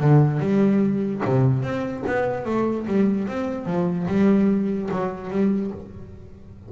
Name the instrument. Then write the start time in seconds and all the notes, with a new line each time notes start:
double bass
0.00 D3
0.40 G3
1.25 C3
1.63 C4
2.07 B3
2.46 A3
2.87 G3
3.28 C4
3.66 F3
4.08 G3
4.92 F#3
5.31 G3